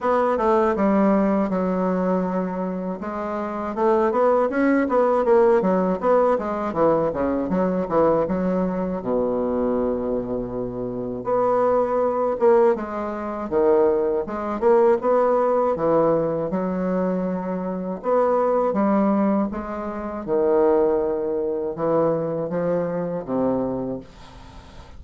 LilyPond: \new Staff \with { instrumentName = "bassoon" } { \time 4/4 \tempo 4 = 80 b8 a8 g4 fis2 | gis4 a8 b8 cis'8 b8 ais8 fis8 | b8 gis8 e8 cis8 fis8 e8 fis4 | b,2. b4~ |
b8 ais8 gis4 dis4 gis8 ais8 | b4 e4 fis2 | b4 g4 gis4 dis4~ | dis4 e4 f4 c4 | }